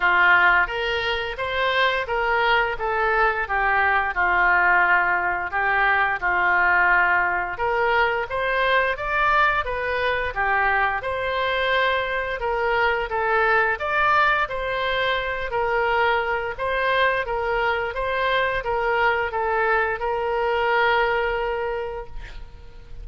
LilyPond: \new Staff \with { instrumentName = "oboe" } { \time 4/4 \tempo 4 = 87 f'4 ais'4 c''4 ais'4 | a'4 g'4 f'2 | g'4 f'2 ais'4 | c''4 d''4 b'4 g'4 |
c''2 ais'4 a'4 | d''4 c''4. ais'4. | c''4 ais'4 c''4 ais'4 | a'4 ais'2. | }